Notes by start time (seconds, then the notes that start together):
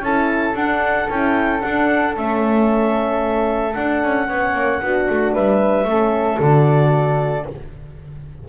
0.00 C#4 E4 A4 A5
0.54 D4 F#5
1.09 C#4 E4 G5
1.60 D4 F#5
2.16 A3 C#4 E5
3.74 D4 F#5
4.03 C#4
4.27 B3 C#4 C#5
4.54 A#3
4.81 B3 D4 F#4
5.09 A3
5.33 G3 B4 E5
5.84 A3 C#4 A4
6.37 D3 F#4 D5